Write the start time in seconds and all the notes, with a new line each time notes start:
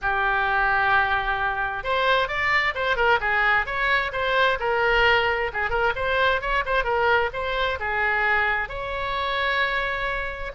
0.01 G4
1.83 C5
2.28 D5
2.74 C5
2.96 A#4
3.20 G#4
3.66 C#5
4.12 C5
4.59 A#4
5.53 G#4
5.70 A#4
5.95 C5
6.41 C#5
6.65 C5
6.84 A#4
7.33 C5
7.79 G#4
8.68 C#5